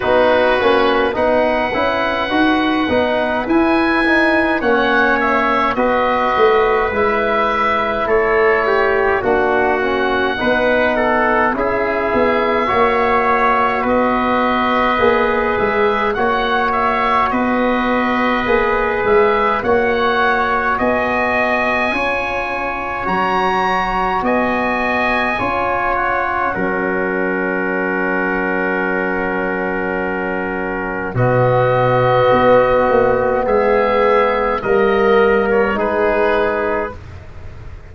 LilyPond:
<<
  \new Staff \with { instrumentName = "oboe" } { \time 4/4 \tempo 4 = 52 b'4 fis''2 gis''4 | fis''8 e''8 dis''4 e''4 cis''4 | fis''2 e''2 | dis''4. e''8 fis''8 e''8 dis''4~ |
dis''8 e''8 fis''4 gis''2 | ais''4 gis''4. fis''4.~ | fis''2. dis''4~ | dis''4 e''4 dis''8. cis''16 b'4 | }
  \new Staff \with { instrumentName = "trumpet" } { \time 4/4 fis'4 b'2. | cis''4 b'2 a'8 g'8 | fis'4 b'8 a'8 gis'4 cis''4 | b'2 cis''4 b'4~ |
b'4 cis''4 dis''4 cis''4~ | cis''4 dis''4 cis''4 ais'4~ | ais'2. fis'4~ | fis'4 gis'4 ais'4 gis'4 | }
  \new Staff \with { instrumentName = "trombone" } { \time 4/4 dis'8 cis'8 dis'8 e'8 fis'8 dis'8 e'8 dis'8 | cis'4 fis'4 e'2 | d'8 cis'8 dis'4 e'4 fis'4~ | fis'4 gis'4 fis'2 |
gis'4 fis'2 f'4 | fis'2 f'4 cis'4~ | cis'2. b4~ | b2 ais4 dis'4 | }
  \new Staff \with { instrumentName = "tuba" } { \time 4/4 b8 ais8 b8 cis'8 dis'8 b8 e'4 | ais4 b8 a8 gis4 a4 | ais4 b4 cis'8 b8 ais4 | b4 ais8 gis8 ais4 b4 |
ais8 gis8 ais4 b4 cis'4 | fis4 b4 cis'4 fis4~ | fis2. b,4 | b8 ais8 gis4 g4 gis4 | }
>>